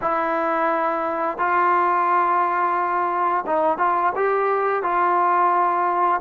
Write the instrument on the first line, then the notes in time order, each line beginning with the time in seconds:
trombone
0.01 E4
1.38 F4
3.46 D#4
3.78 F4
4.15 G4
4.82 F4